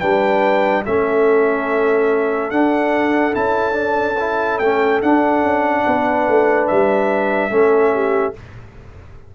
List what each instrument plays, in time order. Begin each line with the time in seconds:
0.00 tuba G3, trombone D4, horn B4, trumpet G5
0.85 tuba A3, trombone C#4, horn A4, trumpet E5
2.51 tuba D4, trombone D4, trumpet F#5
3.32 tuba C#4, trombone E4, trumpet A5
3.72 trombone D4
4.20 trombone E4
4.59 tuba A3, trombone C#4, trumpet G5
5.02 tuba D4, trombone D4, trumpet F#5
5.43 tuba C#4
5.85 tuba B3, horn B4
6.28 tuba A3
6.68 tuba G3, trumpet E5
7.51 tuba A3, trombone C#4, horn A4
7.93 horn G4